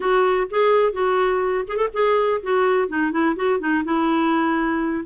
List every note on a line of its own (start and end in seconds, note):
0.00 0.47 F#4
0.50 0.93 G#4
0.93 1.65 F#4
1.68 1.76 G#4
1.76 1.88 A4
1.93 2.41 G#4
2.42 2.88 F#4
2.88 3.11 D#4
3.11 3.35 E4
3.36 3.59 F#4
3.59 3.83 D#4
3.84 5.04 E4